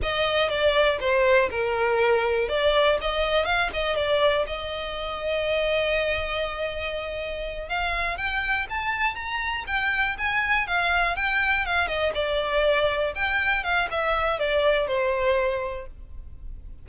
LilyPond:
\new Staff \with { instrumentName = "violin" } { \time 4/4 \tempo 4 = 121 dis''4 d''4 c''4 ais'4~ | ais'4 d''4 dis''4 f''8 dis''8 | d''4 dis''2.~ | dis''2.~ dis''8 f''8~ |
f''8 g''4 a''4 ais''4 g''8~ | g''8 gis''4 f''4 g''4 f''8 | dis''8 d''2 g''4 f''8 | e''4 d''4 c''2 | }